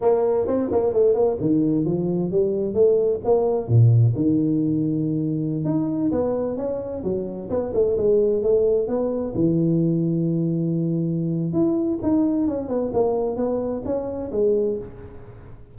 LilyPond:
\new Staff \with { instrumentName = "tuba" } { \time 4/4 \tempo 4 = 130 ais4 c'8 ais8 a8 ais8 dis4 | f4 g4 a4 ais4 | ais,4 dis2.~ | dis16 dis'4 b4 cis'4 fis8.~ |
fis16 b8 a8 gis4 a4 b8.~ | b16 e2.~ e8.~ | e4 e'4 dis'4 cis'8 b8 | ais4 b4 cis'4 gis4 | }